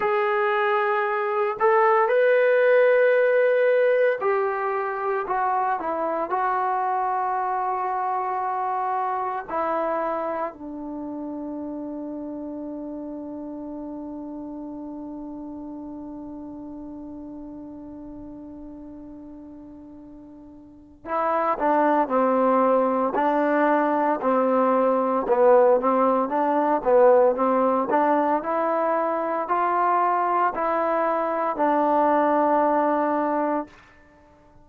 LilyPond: \new Staff \with { instrumentName = "trombone" } { \time 4/4 \tempo 4 = 57 gis'4. a'8 b'2 | g'4 fis'8 e'8 fis'2~ | fis'4 e'4 d'2~ | d'1~ |
d'1 | e'8 d'8 c'4 d'4 c'4 | b8 c'8 d'8 b8 c'8 d'8 e'4 | f'4 e'4 d'2 | }